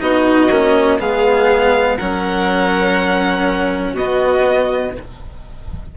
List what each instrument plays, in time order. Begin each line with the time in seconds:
0.00 bassoon B3, cello D#4, violin F#4 D#5
0.50 bassoon A#3, cello C#4
0.99 bassoon G#3, cello B3, violin G#4 F5
1.97 bassoon F#3, cello C#4, violin A#4 F#5
3.93 bassoon B2, violin F#4 D#5
3.99 cello B3